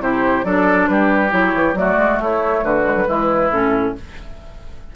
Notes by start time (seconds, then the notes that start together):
0.00 C3 E4 G4 C5
0.44 F#3 D4 A4 D5
0.87 G3 G4 B4
1.30 F#3 E4 C#5
1.54 E3
1.74 F#3 A3 F#4 D5
1.98 G#3
2.19 A3 E4 C#5
2.63 D3 F#4 B4
2.84 G#3
2.95 F#3
3.07 E3 G#3 E4
3.51 A2 C#4 A4